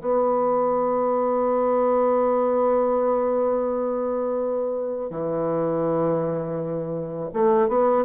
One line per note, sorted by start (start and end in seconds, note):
0.00 5.10 B3
5.10 7.29 E3
7.33 7.68 A3
7.68 8.05 B3